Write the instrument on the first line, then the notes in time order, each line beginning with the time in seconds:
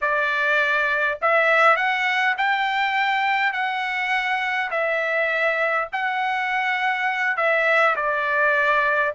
trumpet
0.01 D5
1.21 E5
1.76 F#5
2.37 G5
3.52 F#5
4.71 E5
5.92 F#5
7.37 E5
7.96 D5